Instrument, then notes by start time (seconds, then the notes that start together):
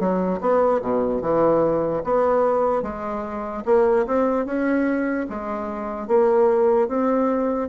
bassoon
0.00 F#3
0.41 B3
0.82 B2
1.22 E3
2.04 B3
2.83 G#3
3.66 A#3
4.07 C4
4.46 C#4
5.30 G#3
6.08 A#3
6.88 C4